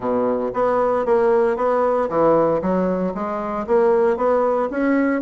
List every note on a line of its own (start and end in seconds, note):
0.00 0.51 B2
0.53 1.05 B3
1.05 1.56 A#3
1.56 2.08 B3
2.09 2.61 E3
2.61 3.13 F#3
3.14 3.66 G#3
3.66 4.16 A#3
4.16 4.69 B3
4.70 5.21 C#4